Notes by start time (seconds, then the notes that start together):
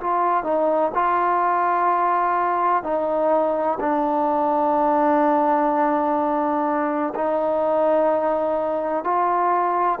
0.00 F4
0.43 D#4
0.94 F4
2.83 D#4
3.80 D4
7.14 D#4
9.04 F4